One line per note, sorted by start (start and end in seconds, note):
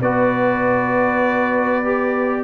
0.00 2.44 B3
0.00 1.84 F#4
0.00 2.44 B4
0.00 2.44 D5
1.84 2.44 G4